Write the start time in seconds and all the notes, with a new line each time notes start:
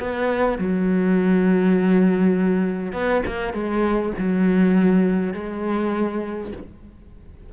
0.00 B3
0.59 F#3
2.93 B3
3.26 A#3
3.53 G#3
4.18 F#3
5.34 G#3